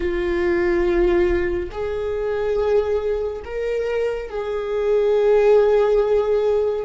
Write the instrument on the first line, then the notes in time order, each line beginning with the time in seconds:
viola
0.00 F4
1.71 G#4
3.44 A#4
4.29 G#4